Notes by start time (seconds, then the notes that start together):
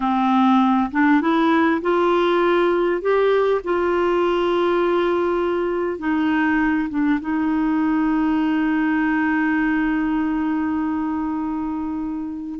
0.00 C4
0.91 D4
1.21 E4
1.81 F4
3.01 G4
3.64 F4
5.98 D#4
6.89 D4
7.20 D#4